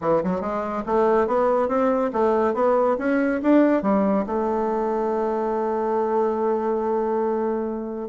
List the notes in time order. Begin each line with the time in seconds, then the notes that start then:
0.01 E3
0.23 F#3
0.40 G#3
0.85 A3
1.27 B3
1.68 C4
2.12 A3
2.54 B3
2.98 C#4
3.42 D4
3.82 G3
4.26 A3